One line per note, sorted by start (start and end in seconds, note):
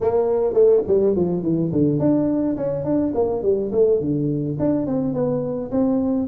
0.00 0.53 A#3
0.53 0.82 A3
0.87 1.15 G3
1.15 1.42 F3
1.42 1.71 E3
1.71 1.99 D3
1.99 2.56 D4
2.56 2.84 C#4
2.84 3.13 D4
3.14 3.42 A#3
3.42 3.71 G3
3.71 4.00 A3
4.00 4.57 D3
4.59 4.86 D4
4.86 5.13 C4
5.13 5.70 B3
5.71 6.27 C4